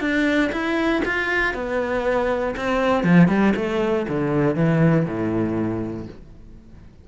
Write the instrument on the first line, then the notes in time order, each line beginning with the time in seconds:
cello
0.00 D4
0.52 E4
1.05 F4
1.54 B3
2.56 C4
3.03 F3
3.28 G3
3.56 A3
4.08 D3
4.55 E3
5.05 A2